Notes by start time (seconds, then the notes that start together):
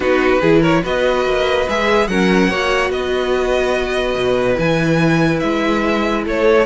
0.00 B3 D#4 F#4 B4
0.40 E3 E4 G#4
0.60 A#4 C#5
0.82 B3 F#4 B4 D#5
1.25 A#3
1.68 G#3 G#4 E5
2.07 F#3 C#4 A#4 F#5
2.48 A#3 F#4 C#5
2.89 B3 B4 D#5
4.15 B2
4.54 E3 E4 G#5
5.39 G#3 E5
6.24 A3 A4 C#5